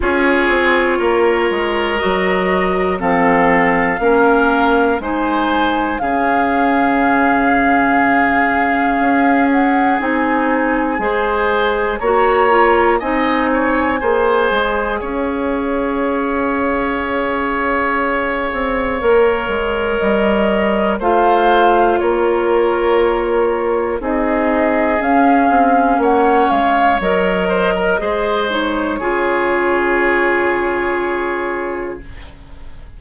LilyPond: <<
  \new Staff \with { instrumentName = "flute" } { \time 4/4 \tempo 4 = 60 cis''2 dis''4 f''4~ | f''4 gis''4 f''2~ | f''4. fis''8 gis''2 | ais''4 gis''2 f''4~ |
f''1 | dis''4 f''4 cis''2 | dis''4 f''4 fis''8 f''8 dis''4~ | dis''8 cis''2.~ cis''8 | }
  \new Staff \with { instrumentName = "oboe" } { \time 4/4 gis'4 ais'2 a'4 | ais'4 c''4 gis'2~ | gis'2. c''4 | cis''4 dis''8 cis''8 c''4 cis''4~ |
cis''1~ | cis''4 c''4 ais'2 | gis'2 cis''4. c''16 ais'16 | c''4 gis'2. | }
  \new Staff \with { instrumentName = "clarinet" } { \time 4/4 f'2 fis'4 c'4 | cis'4 dis'4 cis'2~ | cis'2 dis'4 gis'4 | fis'8 f'8 dis'4 gis'2~ |
gis'2. ais'4~ | ais'4 f'2. | dis'4 cis'2 ais'4 | gis'8 dis'8 f'2. | }
  \new Staff \with { instrumentName = "bassoon" } { \time 4/4 cis'8 c'8 ais8 gis8 fis4 f4 | ais4 gis4 cis2~ | cis4 cis'4 c'4 gis4 | ais4 c'4 ais8 gis8 cis'4~ |
cis'2~ cis'8 c'8 ais8 gis8 | g4 a4 ais2 | c'4 cis'8 c'8 ais8 gis8 fis4 | gis4 cis2. | }
>>